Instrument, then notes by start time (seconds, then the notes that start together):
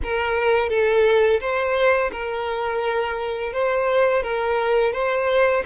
violin
0.03 A#4
0.69 A4
1.40 C5
2.12 A#4
3.52 C5
4.22 A#4
4.93 C5